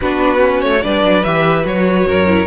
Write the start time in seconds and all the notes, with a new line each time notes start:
0.01 B3 D4 F#4 B4
0.37 C#4
0.61 A3 C#5
0.82 G3 D4 B4 D5
1.03 F#3
1.23 E3 G4 E5
1.63 F#3 F#4 C#5
2.06 F#2 A#4
2.27 E4